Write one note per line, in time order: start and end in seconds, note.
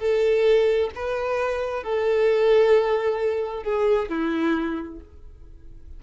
0.00 0.91 A4
0.96 1.84 B4
1.84 3.64 A4
3.64 4.10 G#4
4.10 5.00 E4